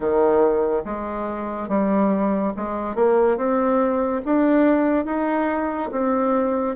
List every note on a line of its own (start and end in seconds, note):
0.00 0.82 D#3
0.85 1.68 G#3
1.68 2.53 G3
2.56 2.95 G#3
2.95 3.36 A#3
3.36 4.21 C4
4.25 5.05 D4
5.05 5.89 D#4
5.91 6.75 C4